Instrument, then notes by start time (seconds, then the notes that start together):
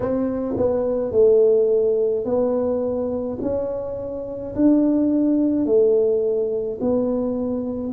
tuba
0.00 C4
0.57 B3
1.11 A3
2.24 B3
3.41 C#4
4.55 D4
5.66 A3
6.80 B3